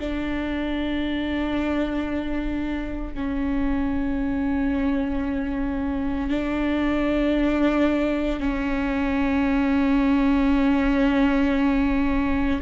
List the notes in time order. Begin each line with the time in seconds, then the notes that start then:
0.00 D4
3.15 C#4
6.31 D4
8.40 C#4